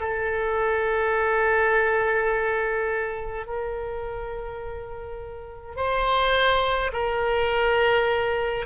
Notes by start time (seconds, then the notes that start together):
0.00 A4
3.46 A#4
5.76 C5
6.93 A#4